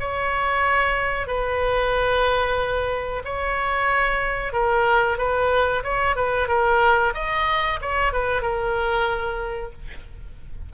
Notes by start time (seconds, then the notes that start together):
0.00 C#5
1.27 B4
3.25 C#5
4.53 A#4
5.18 B4
5.84 C#5
6.16 B4
6.48 A#4
7.15 D#5
7.82 C#5
8.13 B4
8.42 A#4